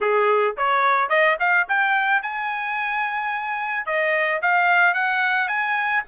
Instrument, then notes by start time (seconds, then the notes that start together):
trumpet
0.00 G#4
0.57 C#5
1.09 D#5
1.39 F5
1.68 G5
2.22 G#5
3.86 D#5
4.42 F5
4.93 F#5
5.47 G#5